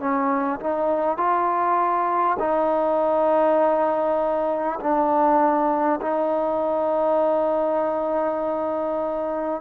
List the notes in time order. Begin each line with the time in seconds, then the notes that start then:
0.00 C#4
0.61 D#4
1.17 F4
2.39 D#4
4.81 D4
6.02 D#4